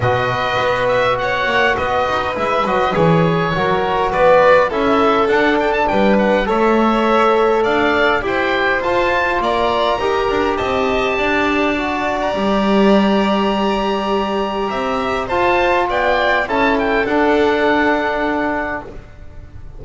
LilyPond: <<
  \new Staff \with { instrumentName = "oboe" } { \time 4/4 \tempo 4 = 102 dis''4. e''8 fis''4 dis''4 | e''8 dis''8 cis''2 d''4 | e''4 fis''8 g''16 a''16 g''8 fis''8 e''4~ | e''4 f''4 g''4 a''4 |
ais''2 a''2~ | a''8. ais''2.~ ais''16~ | ais''2 a''4 g''4 | a''8 g''8 fis''2. | }
  \new Staff \with { instrumentName = "violin" } { \time 4/4 b'2 cis''4 b'4~ | b'2 ais'4 b'4 | a'2 b'4 cis''4~ | cis''4 d''4 c''2 |
d''4 ais'4 dis''4 d''4~ | d''1~ | d''4 e''4 c''4 d''4 | a'1 | }
  \new Staff \with { instrumentName = "trombone" } { \time 4/4 fis'1 | e'8 fis'8 gis'4 fis'2 | e'4 d'2 a'4~ | a'2 g'4 f'4~ |
f'4 g'2. | fis'4 g'2.~ | g'2 f'2 | e'4 d'2. | }
  \new Staff \with { instrumentName = "double bass" } { \time 4/4 b,4 b4. ais8 b8 dis'8 | gis8 fis8 e4 fis4 b4 | cis'4 d'4 g4 a4~ | a4 d'4 e'4 f'4 |
ais4 dis'8 d'8 c'4 d'4~ | d'4 g2.~ | g4 c'4 f'4 b4 | cis'4 d'2. | }
>>